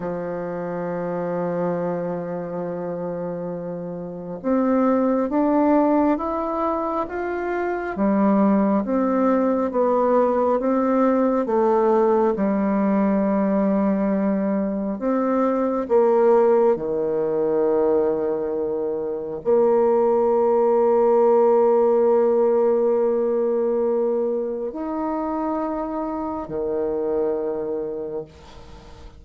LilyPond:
\new Staff \with { instrumentName = "bassoon" } { \time 4/4 \tempo 4 = 68 f1~ | f4 c'4 d'4 e'4 | f'4 g4 c'4 b4 | c'4 a4 g2~ |
g4 c'4 ais4 dis4~ | dis2 ais2~ | ais1 | dis'2 dis2 | }